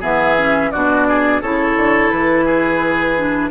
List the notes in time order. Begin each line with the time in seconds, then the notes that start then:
0.00 E3 B3 G#4 E5
0.37 C#4
0.71 B2 D4 F#4 D5
1.08 G#4
1.41 C#3 E4 A4 C#5
1.76 D3
2.10 E3 B4
2.45 G#4
3.17 D4